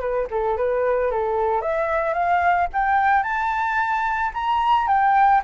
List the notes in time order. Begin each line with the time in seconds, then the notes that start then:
0.00 B4
0.30 A4
0.57 B4
1.11 A4
1.61 E5
2.13 F5
2.73 G5
3.23 A5
4.33 A#5
4.87 G5